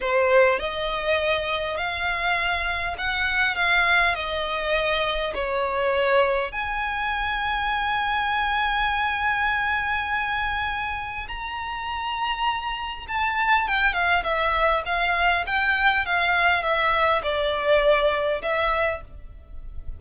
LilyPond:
\new Staff \with { instrumentName = "violin" } { \time 4/4 \tempo 4 = 101 c''4 dis''2 f''4~ | f''4 fis''4 f''4 dis''4~ | dis''4 cis''2 gis''4~ | gis''1~ |
gis''2. ais''4~ | ais''2 a''4 g''8 f''8 | e''4 f''4 g''4 f''4 | e''4 d''2 e''4 | }